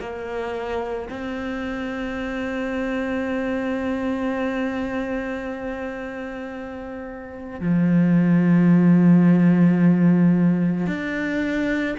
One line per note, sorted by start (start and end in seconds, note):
0.00 1.09 A#3
1.10 7.61 C4
7.61 10.87 F3
10.87 11.96 D4